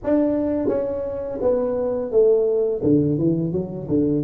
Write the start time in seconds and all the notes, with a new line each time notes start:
0.03 D4
0.68 C#4
1.41 B3
2.11 A3
2.83 D3
3.18 E3
3.52 F#3
3.88 D3